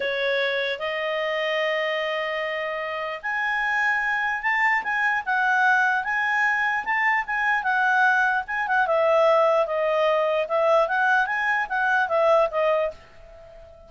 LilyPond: \new Staff \with { instrumentName = "clarinet" } { \time 4/4 \tempo 4 = 149 cis''2 dis''2~ | dis''1 | gis''2. a''4 | gis''4 fis''2 gis''4~ |
gis''4 a''4 gis''4 fis''4~ | fis''4 gis''8 fis''8 e''2 | dis''2 e''4 fis''4 | gis''4 fis''4 e''4 dis''4 | }